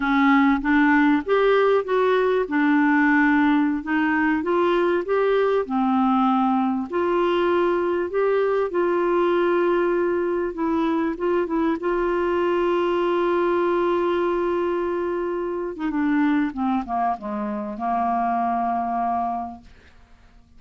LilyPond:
\new Staff \with { instrumentName = "clarinet" } { \time 4/4 \tempo 4 = 98 cis'4 d'4 g'4 fis'4 | d'2~ d'16 dis'4 f'8.~ | f'16 g'4 c'2 f'8.~ | f'4~ f'16 g'4 f'4.~ f'16~ |
f'4~ f'16 e'4 f'8 e'8 f'8.~ | f'1~ | f'4.~ f'16 dis'16 d'4 c'8 ais8 | gis4 ais2. | }